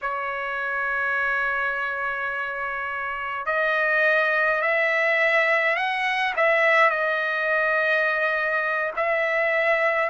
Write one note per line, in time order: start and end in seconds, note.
0.01 3.46 C#5
3.46 4.61 D#5
4.62 5.75 E5
5.75 6.33 F#5
6.36 6.89 E5
6.89 8.92 D#5
8.96 10.10 E5